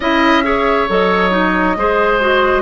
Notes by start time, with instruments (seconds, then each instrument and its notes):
0.00 bassoon C#4, clarinet E4, oboe D#5, flute E5
0.43 clarinet G#4, oboe C#5
0.88 bassoon F#3, clarinet A4, flute D#5
1.30 clarinet D#4
1.76 bassoon G#3, clarinet G#4, oboe C5
2.19 clarinet F#4